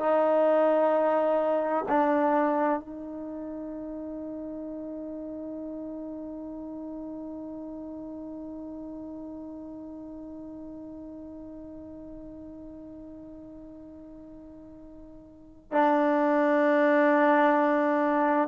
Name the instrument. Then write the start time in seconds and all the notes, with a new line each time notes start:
trombone
0.00 D#4
1.89 D4
2.80 D#4
15.72 D4